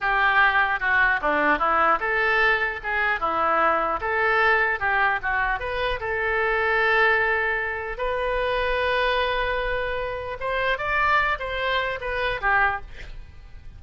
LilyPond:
\new Staff \with { instrumentName = "oboe" } { \time 4/4 \tempo 4 = 150 g'2 fis'4 d'4 | e'4 a'2 gis'4 | e'2 a'2 | g'4 fis'4 b'4 a'4~ |
a'1 | b'1~ | b'2 c''4 d''4~ | d''8 c''4. b'4 g'4 | }